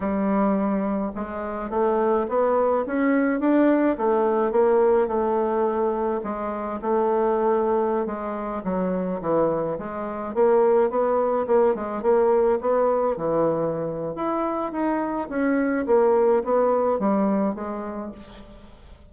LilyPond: \new Staff \with { instrumentName = "bassoon" } { \time 4/4 \tempo 4 = 106 g2 gis4 a4 | b4 cis'4 d'4 a4 | ais4 a2 gis4 | a2~ a16 gis4 fis8.~ |
fis16 e4 gis4 ais4 b8.~ | b16 ais8 gis8 ais4 b4 e8.~ | e4 e'4 dis'4 cis'4 | ais4 b4 g4 gis4 | }